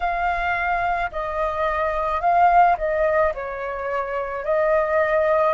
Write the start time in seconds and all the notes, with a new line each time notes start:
0.00 F5
1.11 D#5
2.20 F5
2.77 D#5
3.34 C#5
4.44 D#5